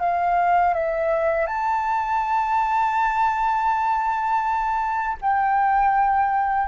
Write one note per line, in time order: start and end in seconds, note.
0.00 0.74 F5
0.74 1.47 E5
1.47 5.17 A5
5.22 6.68 G5